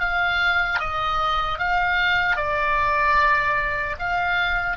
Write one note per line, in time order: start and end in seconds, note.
0.00 0.80 F5
0.80 1.59 D#5
1.59 2.37 F5
2.37 3.97 D5
4.00 4.77 F5